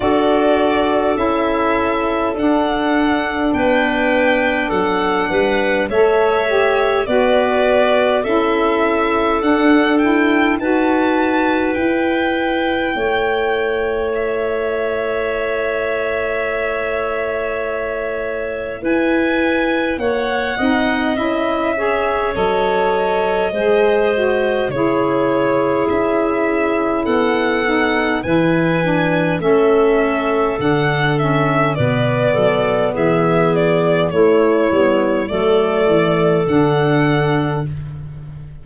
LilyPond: <<
  \new Staff \with { instrumentName = "violin" } { \time 4/4 \tempo 4 = 51 d''4 e''4 fis''4 g''4 | fis''4 e''4 d''4 e''4 | fis''8 g''8 a''4 g''2 | e''1 |
gis''4 fis''4 e''4 dis''4~ | dis''4 cis''4 e''4 fis''4 | gis''4 e''4 fis''8 e''8 d''4 | e''8 d''8 cis''4 d''4 fis''4 | }
  \new Staff \with { instrumentName = "clarinet" } { \time 4/4 a'2. b'4 | a'8 b'8 cis''4 b'4 a'4~ | a'4 b'2 cis''4~ | cis''1 |
b'4 cis''8 dis''4 cis''4. | c''4 gis'2 a'4 | b'4 a'2 b'8 a'8 | gis'4 e'4 a'2 | }
  \new Staff \with { instrumentName = "saxophone" } { \time 4/4 fis'4 e'4 d'2~ | d'4 a'8 g'8 fis'4 e'4 | d'8 e'8 fis'4 e'2~ | e'1~ |
e'4. dis'8 e'8 gis'8 a'4 | gis'8 fis'8 e'2~ e'8 dis'8 | e'8 d'8 cis'4 d'8 cis'8 b4~ | b4 a8 b8 a4 d'4 | }
  \new Staff \with { instrumentName = "tuba" } { \time 4/4 d'4 cis'4 d'4 b4 | fis8 g8 a4 b4 cis'4 | d'4 dis'4 e'4 a4~ | a1 |
e'4 ais8 c'8 cis'4 fis4 | gis4 cis4 cis'4 b4 | e4 a4 d4 b,8 fis8 | e4 a8 g8 fis8 e8 d4 | }
>>